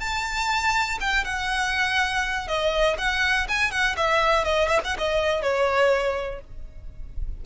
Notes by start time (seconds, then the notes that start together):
0.00 A5
1.00 G5
1.25 F#5
2.48 D#5
2.98 F#5
3.48 G#5
3.71 F#5
3.97 E5
4.44 D#5
4.68 E5
4.85 F#5
4.98 D#5
5.42 C#5